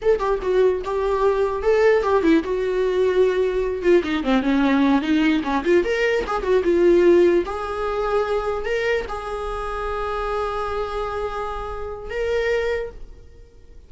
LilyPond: \new Staff \with { instrumentName = "viola" } { \time 4/4 \tempo 4 = 149 a'8 g'8 fis'4 g'2 | a'4 g'8 e'8 fis'2~ | fis'4. f'8 dis'8 c'8 cis'4~ | cis'8 dis'4 cis'8 f'8 ais'4 gis'8 |
fis'8 f'2 gis'4.~ | gis'4. ais'4 gis'4.~ | gis'1~ | gis'2 ais'2 | }